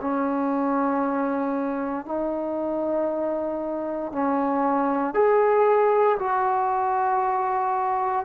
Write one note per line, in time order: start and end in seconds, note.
0.00 2.05 C#4
2.05 4.12 D#4
4.12 5.14 C#4
5.14 6.17 G#4
6.19 8.25 F#4